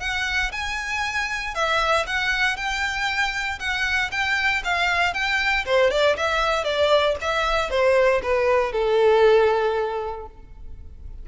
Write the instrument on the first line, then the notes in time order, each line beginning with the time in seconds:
violin
0.00 F#5
0.52 G#5
1.55 E5
2.07 F#5
2.57 G5
3.59 F#5
4.11 G5
4.65 F5
5.14 G5
5.66 C5
5.91 D5
6.17 E5
6.64 D5
7.21 E5
7.70 C5
8.23 B4
8.72 A4